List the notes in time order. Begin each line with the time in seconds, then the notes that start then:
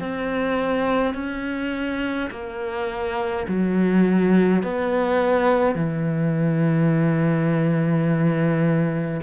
0.00 C4
1.15 C#4
2.31 A#3
3.48 F#3
4.64 B3
5.75 E3